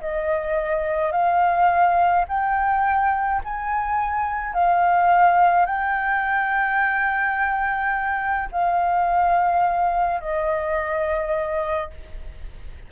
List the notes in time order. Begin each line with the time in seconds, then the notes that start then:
0.00 D#5
1.12 F5
2.28 G5
3.44 G#5
4.54 F5
5.66 G5
8.52 F5
10.20 D#5